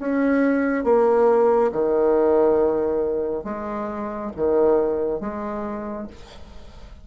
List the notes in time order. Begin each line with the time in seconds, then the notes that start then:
0.00 C#4
0.85 A#3
1.73 D#3
3.45 G#3
4.36 D#3
5.21 G#3